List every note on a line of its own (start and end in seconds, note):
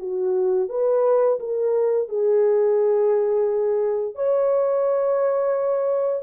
0.00 0.70 F#4
0.70 1.40 B4
1.40 2.09 A#4
2.09 4.15 G#4
4.15 6.23 C#5